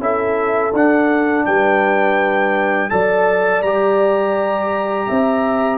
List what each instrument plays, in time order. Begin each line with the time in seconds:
0.00 tuba C#4, trombone E4, horn A4, trumpet E5
0.74 tuba D4, trombone D4, trumpet F#5
1.46 tuba G3, horn B4, trumpet G5
2.90 tuba F#3, trombone A4, horn D5, trumpet A5
3.62 tuba G3, trombone G4, trumpet A#5
5.08 tuba C4, horn E5